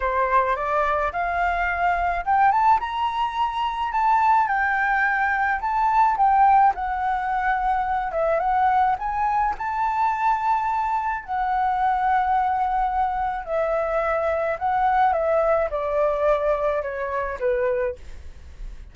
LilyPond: \new Staff \with { instrumentName = "flute" } { \time 4/4 \tempo 4 = 107 c''4 d''4 f''2 | g''8 a''8 ais''2 a''4 | g''2 a''4 g''4 | fis''2~ fis''8 e''8 fis''4 |
gis''4 a''2. | fis''1 | e''2 fis''4 e''4 | d''2 cis''4 b'4 | }